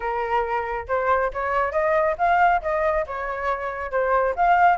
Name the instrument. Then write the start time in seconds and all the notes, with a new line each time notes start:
flute
0.00 A#4
0.88 C5
1.33 C#5
1.72 D#5
2.18 F5
2.62 D#5
3.06 C#5
3.91 C5
4.35 F5